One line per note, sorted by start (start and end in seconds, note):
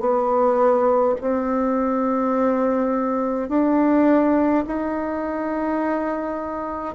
0.00 1.15 B3
1.21 3.49 C4
3.49 4.65 D4
4.67 6.95 D#4